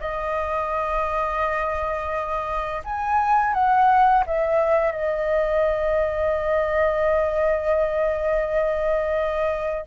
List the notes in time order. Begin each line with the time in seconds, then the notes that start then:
0.00 D#5
2.84 G#5
3.53 F#5
4.26 E5
4.92 D#5